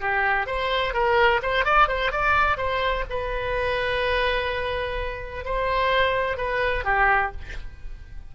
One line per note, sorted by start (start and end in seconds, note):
0.00 0.46 G4
0.46 0.93 C5
0.93 1.40 A#4
1.42 1.64 C5
1.64 1.88 D5
1.88 2.11 C5
2.11 2.57 D5
2.57 3.04 C5
3.09 5.44 B4
5.44 6.37 C5
6.37 6.84 B4
6.84 7.31 G4